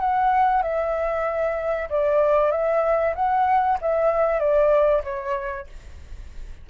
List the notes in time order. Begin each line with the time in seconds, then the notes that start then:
0.00 F#5
0.62 E5
1.90 D5
2.51 E5
3.16 F#5
3.82 E5
4.40 D5
5.04 C#5